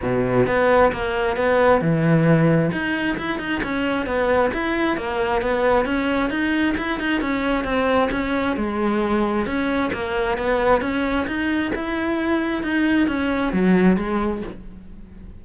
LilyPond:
\new Staff \with { instrumentName = "cello" } { \time 4/4 \tempo 4 = 133 b,4 b4 ais4 b4 | e2 dis'4 e'8 dis'8 | cis'4 b4 e'4 ais4 | b4 cis'4 dis'4 e'8 dis'8 |
cis'4 c'4 cis'4 gis4~ | gis4 cis'4 ais4 b4 | cis'4 dis'4 e'2 | dis'4 cis'4 fis4 gis4 | }